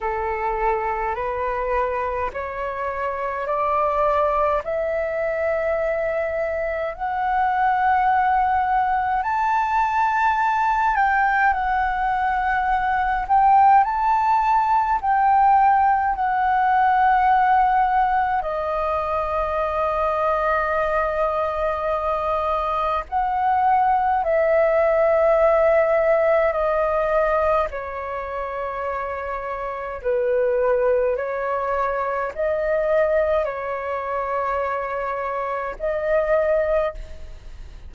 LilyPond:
\new Staff \with { instrumentName = "flute" } { \time 4/4 \tempo 4 = 52 a'4 b'4 cis''4 d''4 | e''2 fis''2 | a''4. g''8 fis''4. g''8 | a''4 g''4 fis''2 |
dis''1 | fis''4 e''2 dis''4 | cis''2 b'4 cis''4 | dis''4 cis''2 dis''4 | }